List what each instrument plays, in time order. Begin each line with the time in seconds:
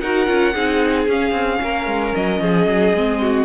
0.00 cello D#4, viola F#4, violin A#4 F#5
0.26 cello C#4, viola F4
0.54 cello C4, viola D#4, violin G#4
1.07 cello C#4, viola C#4, violin F5
1.31 cello C4
1.62 cello A#3, violin A#4
1.86 cello G#3
2.15 cello F#3, violin D#5
2.40 cello F3, violin G#4
2.66 cello F#3
2.94 cello G#3, viola C4
3.21 violin F#4